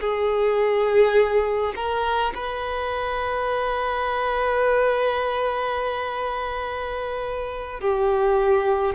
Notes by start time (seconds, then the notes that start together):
0.00 G#4
1.75 A#4
2.34 B4
7.80 G4